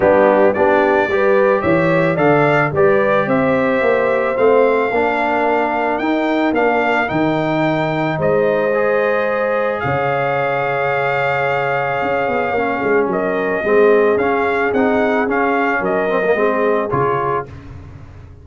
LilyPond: <<
  \new Staff \with { instrumentName = "trumpet" } { \time 4/4 \tempo 4 = 110 g'4 d''2 e''4 | f''4 d''4 e''2 | f''2. g''4 | f''4 g''2 dis''4~ |
dis''2 f''2~ | f''1 | dis''2 f''4 fis''4 | f''4 dis''2 cis''4 | }
  \new Staff \with { instrumentName = "horn" } { \time 4/4 d'4 g'4 b'4 cis''4 | d''4 b'4 c''2~ | c''4 ais'2.~ | ais'2. c''4~ |
c''2 cis''2~ | cis''2.~ cis''8 gis'8 | ais'4 gis'2.~ | gis'4 ais'4 gis'2 | }
  \new Staff \with { instrumentName = "trombone" } { \time 4/4 b4 d'4 g'2 | a'4 g'2. | c'4 d'2 dis'4 | d'4 dis'2. |
gis'1~ | gis'2. cis'4~ | cis'4 c'4 cis'4 dis'4 | cis'4. c'16 ais16 c'4 f'4 | }
  \new Staff \with { instrumentName = "tuba" } { \time 4/4 g4 b4 g4 e4 | d4 g4 c'4 ais4 | a4 ais2 dis'4 | ais4 dis2 gis4~ |
gis2 cis2~ | cis2 cis'8 b8 ais8 gis8 | fis4 gis4 cis'4 c'4 | cis'4 fis4 gis4 cis4 | }
>>